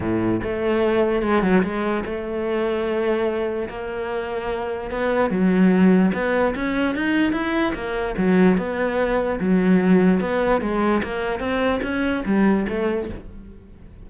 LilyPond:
\new Staff \with { instrumentName = "cello" } { \time 4/4 \tempo 4 = 147 a,4 a2 gis8 fis8 | gis4 a2.~ | a4 ais2. | b4 fis2 b4 |
cis'4 dis'4 e'4 ais4 | fis4 b2 fis4~ | fis4 b4 gis4 ais4 | c'4 cis'4 g4 a4 | }